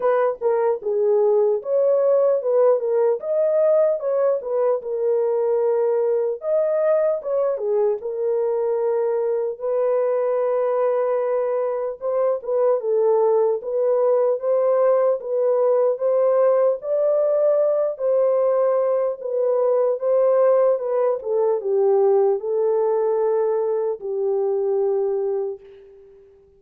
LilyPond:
\new Staff \with { instrumentName = "horn" } { \time 4/4 \tempo 4 = 75 b'8 ais'8 gis'4 cis''4 b'8 ais'8 | dis''4 cis''8 b'8 ais'2 | dis''4 cis''8 gis'8 ais'2 | b'2. c''8 b'8 |
a'4 b'4 c''4 b'4 | c''4 d''4. c''4. | b'4 c''4 b'8 a'8 g'4 | a'2 g'2 | }